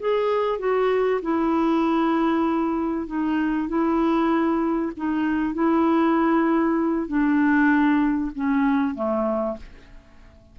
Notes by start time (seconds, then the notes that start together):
0.00 G#4
0.59 F#4
1.22 E4
3.07 D#4
3.68 E4
4.97 D#4
5.54 E4
7.08 D4
8.35 C#4
8.95 A3